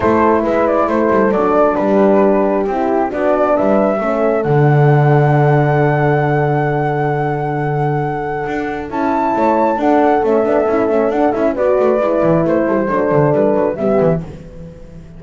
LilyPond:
<<
  \new Staff \with { instrumentName = "flute" } { \time 4/4 \tempo 4 = 135 c''4 e''8 d''8 c''4 d''4 | b'2 g'4 d''4 | e''2 fis''2~ | fis''1~ |
fis''1 | a''2 fis''4 e''4~ | e''4 fis''8 e''8 d''2 | c''2 b'4 e''4 | }
  \new Staff \with { instrumentName = "horn" } { \time 4/4 a'4 b'4 a'2 | g'2. fis'4 | b'4 a'2.~ | a'1~ |
a'1~ | a'4 cis''4 a'2~ | a'2 b'2~ | b'8 a'16 g'16 a'2 g'4 | }
  \new Staff \with { instrumentName = "horn" } { \time 4/4 e'2. d'4~ | d'2 e'4 d'4~ | d'4 cis'4 d'2~ | d'1~ |
d'1 | e'2 d'4 cis'8 d'8 | e'8 cis'8 d'8 e'8 fis'4 e'4~ | e'4 d'2 b4 | }
  \new Staff \with { instrumentName = "double bass" } { \time 4/4 a4 gis4 a8 g8 fis4 | g2 c'4 b4 | g4 a4 d2~ | d1~ |
d2. d'4 | cis'4 a4 d'4 a8 b8 | cis'8 a8 d'8 cis'8 b8 a8 gis8 e8 | a8 g8 fis8 d8 g8 fis8 g8 e8 | }
>>